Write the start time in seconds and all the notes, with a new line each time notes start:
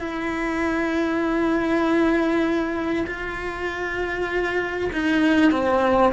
0.00 E4
3.07 F4
4.93 D#4
5.52 C4